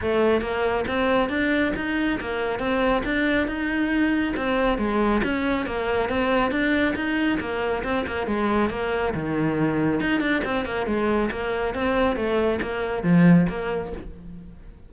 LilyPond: \new Staff \with { instrumentName = "cello" } { \time 4/4 \tempo 4 = 138 a4 ais4 c'4 d'4 | dis'4 ais4 c'4 d'4 | dis'2 c'4 gis4 | cis'4 ais4 c'4 d'4 |
dis'4 ais4 c'8 ais8 gis4 | ais4 dis2 dis'8 d'8 | c'8 ais8 gis4 ais4 c'4 | a4 ais4 f4 ais4 | }